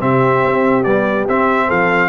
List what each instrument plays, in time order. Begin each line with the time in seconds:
0.00 tuba C3, trombone C4, horn G4, trumpet E5
0.45 tuba C4
0.84 trombone G3, tuba B3, trumpet D5
1.28 tuba C4, trombone C4, trumpet E5
1.67 tuba F3, horn A4, trumpet F5